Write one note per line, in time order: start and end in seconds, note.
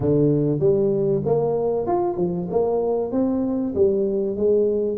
0.00 0.59 D3
0.59 1.22 G3
1.25 1.87 A#3
1.87 2.16 F4
2.16 2.48 F3
2.50 3.11 A#3
3.11 3.74 C4
3.74 4.36 G3
4.36 4.97 G#3